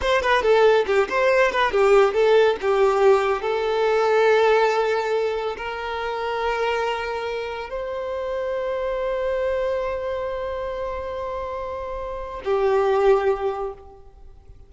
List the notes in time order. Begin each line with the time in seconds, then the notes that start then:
0.01 C5
0.21 B4
0.42 A4
0.86 G4
1.09 C5
1.51 B4
1.71 G4
2.13 A4
2.61 G4
3.41 A4
5.57 A#4
7.69 C5
12.44 G4